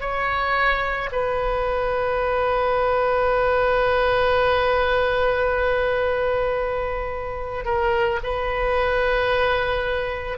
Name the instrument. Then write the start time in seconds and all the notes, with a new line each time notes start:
oboe
0.00 C#5
1.12 B4
7.65 A#4
8.23 B4